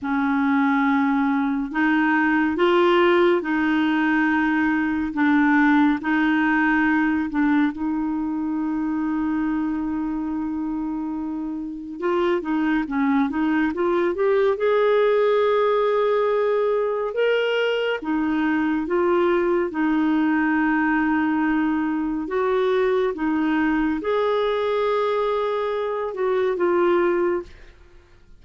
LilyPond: \new Staff \with { instrumentName = "clarinet" } { \time 4/4 \tempo 4 = 70 cis'2 dis'4 f'4 | dis'2 d'4 dis'4~ | dis'8 d'8 dis'2.~ | dis'2 f'8 dis'8 cis'8 dis'8 |
f'8 g'8 gis'2. | ais'4 dis'4 f'4 dis'4~ | dis'2 fis'4 dis'4 | gis'2~ gis'8 fis'8 f'4 | }